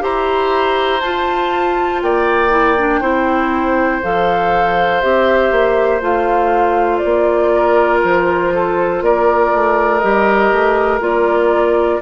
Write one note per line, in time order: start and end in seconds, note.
0.00 1.02 E4
0.00 1.00 G4
0.00 2.03 C5
0.00 1.01 A#5
1.01 2.02 F4
1.01 2.51 F4
1.01 2.01 A5
2.02 3.02 A#3
2.02 3.01 D5
2.02 4.03 G5
2.51 2.76 E4
2.79 3.03 D4
3.01 4.02 C4
3.01 4.03 E4
3.01 7.51 C5
4.03 5.03 F3
4.03 5.03 A4
4.03 5.01 F5
5.01 5.52 C4
5.01 6.02 G4
5.01 6.01 E5
5.52 6.02 A#3
6.02 7.02 A3
6.02 10.02 F4
6.02 6.99 F5
6.99 7.99 D5
7.05 8.04 A#3
7.55 8.54 A#4
8.04 9.02 F3
8.04 9.04 C5
8.54 9.04 A4
9.02 9.52 A#3
9.02 12.02 A#4
9.02 9.99 D5
9.54 10.04 A3
9.99 10.53 G3
9.99 11.01 G4
9.99 10.99 D#5
10.53 11.01 A3
11.01 12.01 A#3
11.01 12.01 F4
11.01 12.02 D5